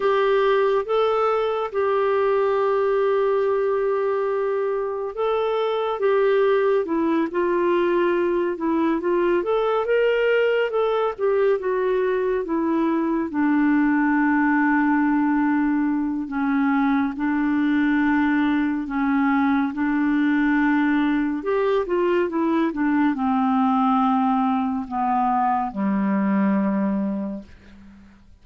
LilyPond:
\new Staff \with { instrumentName = "clarinet" } { \time 4/4 \tempo 4 = 70 g'4 a'4 g'2~ | g'2 a'4 g'4 | e'8 f'4. e'8 f'8 a'8 ais'8~ | ais'8 a'8 g'8 fis'4 e'4 d'8~ |
d'2. cis'4 | d'2 cis'4 d'4~ | d'4 g'8 f'8 e'8 d'8 c'4~ | c'4 b4 g2 | }